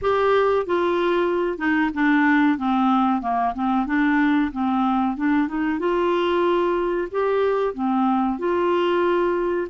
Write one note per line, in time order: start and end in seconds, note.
0.01 0.66 G4
0.66 1.58 F4
1.58 1.90 D#4
1.94 2.58 D4
2.58 3.21 C4
3.21 3.53 A#3
3.54 3.86 C4
3.86 4.51 D4
4.52 5.16 C4
5.16 5.48 D4
5.48 5.79 D#4
5.79 7.08 F4
7.11 7.74 G4
7.74 8.38 C4
8.38 9.67 F4